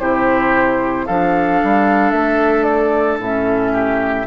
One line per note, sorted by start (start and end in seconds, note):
0.00 1.08 C3
0.00 1.07 E4
0.00 1.06 G4
0.00 1.06 C5
1.06 1.62 F3
1.06 3.22 D4
1.06 3.73 A4
1.06 2.11 F5
1.63 2.12 G3
2.11 3.19 A3
2.11 2.64 E5
2.64 3.17 D5
3.19 4.26 A2
3.19 4.27 C#4
3.19 4.27 E5
3.73 4.26 G4